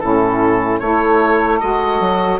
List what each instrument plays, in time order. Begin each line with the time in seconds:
0.00 bassoon A2, saxophone C#4 E4, oboe A4
0.80 bassoon A3, saxophone E4 A4, oboe C#5
1.60 bassoon G#3, saxophone F#4, oboe D#5
2.01 bassoon F#3